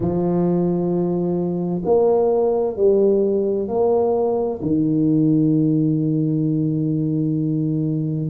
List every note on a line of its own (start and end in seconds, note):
0.00 1.82 F3
1.85 2.76 A#3
2.76 3.68 G3
3.68 4.60 A#3
4.62 8.30 D#3